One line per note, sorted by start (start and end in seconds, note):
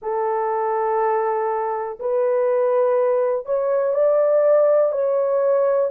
0.02 1.99 A4
1.99 3.45 B4
3.45 3.93 C#5
3.93 4.92 D5
4.92 5.90 C#5